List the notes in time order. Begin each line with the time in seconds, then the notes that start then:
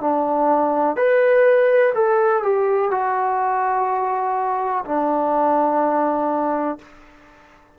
0.00 D4
0.96 B4
1.94 A4
2.42 G4
2.90 F#4
4.85 D4